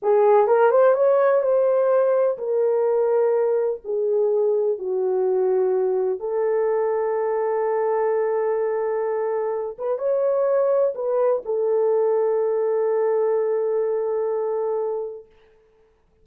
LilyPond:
\new Staff \with { instrumentName = "horn" } { \time 4/4 \tempo 4 = 126 gis'4 ais'8 c''8 cis''4 c''4~ | c''4 ais'2. | gis'2 fis'2~ | fis'4 a'2.~ |
a'1~ | a'8 b'8 cis''2 b'4 | a'1~ | a'1 | }